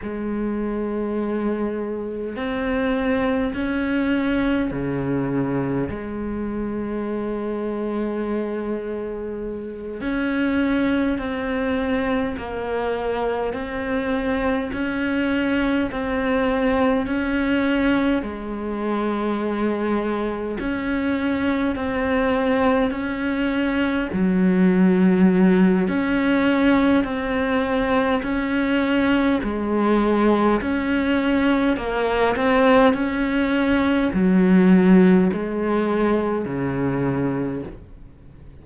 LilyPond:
\new Staff \with { instrumentName = "cello" } { \time 4/4 \tempo 4 = 51 gis2 c'4 cis'4 | cis4 gis2.~ | gis8 cis'4 c'4 ais4 c'8~ | c'8 cis'4 c'4 cis'4 gis8~ |
gis4. cis'4 c'4 cis'8~ | cis'8 fis4. cis'4 c'4 | cis'4 gis4 cis'4 ais8 c'8 | cis'4 fis4 gis4 cis4 | }